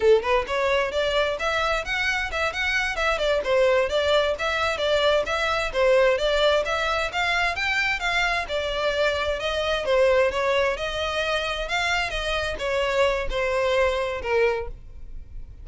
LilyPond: \new Staff \with { instrumentName = "violin" } { \time 4/4 \tempo 4 = 131 a'8 b'8 cis''4 d''4 e''4 | fis''4 e''8 fis''4 e''8 d''8 c''8~ | c''8 d''4 e''4 d''4 e''8~ | e''8 c''4 d''4 e''4 f''8~ |
f''8 g''4 f''4 d''4.~ | d''8 dis''4 c''4 cis''4 dis''8~ | dis''4. f''4 dis''4 cis''8~ | cis''4 c''2 ais'4 | }